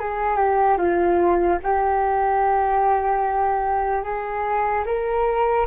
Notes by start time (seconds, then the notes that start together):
0.00 G#4
0.37 G4
0.78 F4
1.64 G4
4.04 G#4
4.86 A#4